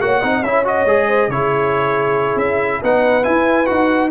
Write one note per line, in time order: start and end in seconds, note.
0.00 0.22 A#3
0.00 0.22 F#4
0.00 0.19 C#5
0.00 0.43 F#5
0.19 0.42 C4
0.19 0.44 D#4
0.19 0.41 D#5
0.42 0.85 C#4
0.42 0.64 E4
0.42 1.07 C#5
0.42 0.64 E5
0.64 0.86 F#4
0.64 1.30 D#5
0.85 1.28 G#3
0.85 1.30 G#4
1.07 1.29 C5
1.28 2.35 C#3
1.28 2.82 E4
1.28 2.81 G#4
1.28 2.38 C#5
2.35 2.79 C#4
2.35 2.81 E5
2.81 3.25 B3
2.81 3.22 D#4
2.81 4.10 B4
2.81 3.23 F#5
3.22 3.66 E4
3.22 3.69 E4
3.22 3.66 G#5
3.66 4.11 D#4
3.66 4.09 F#4
3.66 4.09 F#5